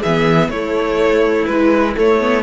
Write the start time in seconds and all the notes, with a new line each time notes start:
0.00 E3 G#4 E5
0.07 B3
0.48 A3 E4 C#5
1.46 E3 G#3 B4
1.96 A3 C#5
2.19 B3